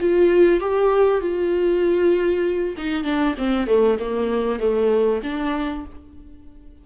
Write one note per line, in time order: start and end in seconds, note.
0.00 0.60 F4
0.60 1.20 G4
1.20 2.75 F4
2.77 3.04 D#4
3.04 3.35 D4
3.37 3.67 C4
3.67 3.98 A3
3.99 4.59 A#3
4.59 5.21 A3
5.23 5.85 D4